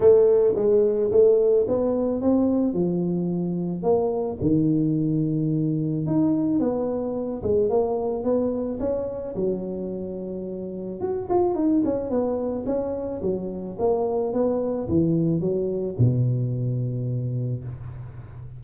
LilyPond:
\new Staff \with { instrumentName = "tuba" } { \time 4/4 \tempo 4 = 109 a4 gis4 a4 b4 | c'4 f2 ais4 | dis2. dis'4 | b4. gis8 ais4 b4 |
cis'4 fis2. | fis'8 f'8 dis'8 cis'8 b4 cis'4 | fis4 ais4 b4 e4 | fis4 b,2. | }